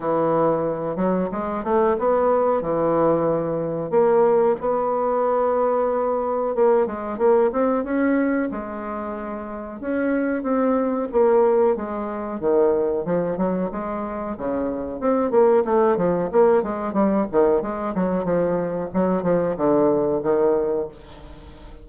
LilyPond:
\new Staff \with { instrumentName = "bassoon" } { \time 4/4 \tempo 4 = 92 e4. fis8 gis8 a8 b4 | e2 ais4 b4~ | b2 ais8 gis8 ais8 c'8 | cis'4 gis2 cis'4 |
c'4 ais4 gis4 dis4 | f8 fis8 gis4 cis4 c'8 ais8 | a8 f8 ais8 gis8 g8 dis8 gis8 fis8 | f4 fis8 f8 d4 dis4 | }